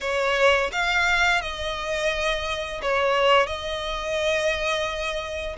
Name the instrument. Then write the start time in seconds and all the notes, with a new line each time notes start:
violin
0.01 C#5
0.72 F5
1.41 D#5
2.82 C#5
3.46 D#5